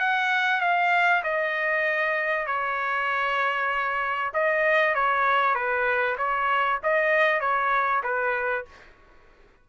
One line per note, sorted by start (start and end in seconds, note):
0.00 0.61 F#5
0.61 1.23 F5
1.24 2.47 D#5
2.47 4.32 C#5
4.34 4.95 D#5
4.95 5.55 C#5
5.55 6.17 B4
6.18 6.80 C#5
6.84 7.41 D#5
7.41 8.02 C#5
8.04 8.65 B4